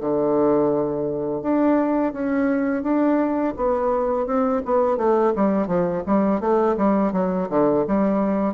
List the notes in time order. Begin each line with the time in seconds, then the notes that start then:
0.00 D3
1.42 D4
2.13 C#4
2.82 D4
3.56 B3
4.26 C4
4.65 B3
4.97 A3
5.35 G3
5.67 F3
6.06 G3
6.40 A3
6.77 G3
7.12 F#3
7.49 D3
7.87 G3